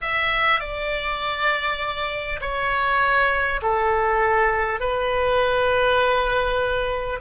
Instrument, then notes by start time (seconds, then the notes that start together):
oboe
0.01 E5
0.59 D5
2.40 C#5
3.62 A4
4.79 B4